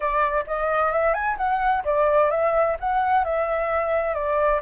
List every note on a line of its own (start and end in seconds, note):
0.00 0.44 D5
0.46 0.92 D#5
0.92 1.13 E5
1.13 1.37 G#5
1.37 1.83 F#5
1.84 2.30 D5
2.30 2.76 E5
2.79 3.24 F#5
3.24 4.14 E5
4.14 4.60 D5